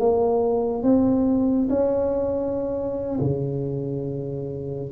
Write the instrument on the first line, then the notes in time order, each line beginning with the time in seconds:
tuba
0.00 A#3
0.83 C4
1.70 C#4
3.20 C#3